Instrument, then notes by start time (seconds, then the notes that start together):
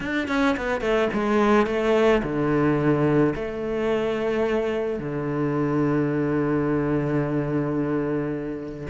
cello
0.00 D4
0.28 C#4
0.56 B3
0.80 A3
1.13 G#3
1.66 A3
2.22 D3
3.35 A3
4.99 D3